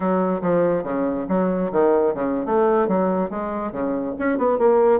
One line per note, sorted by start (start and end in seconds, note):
0.00 0.41 F#3
0.41 0.83 F3
0.83 1.26 C#3
1.28 1.71 F#3
1.72 2.14 D#3
2.14 2.45 C#3
2.45 2.87 A3
2.87 3.29 F#3
3.29 3.72 G#3
3.72 4.14 C#3
4.19 4.37 C#4
4.37 4.58 B3
4.58 5.00 A#3